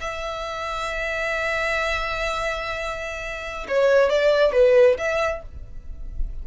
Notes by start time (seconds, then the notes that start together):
0.00 E5
3.68 C#5
4.09 D5
4.52 B4
4.98 E5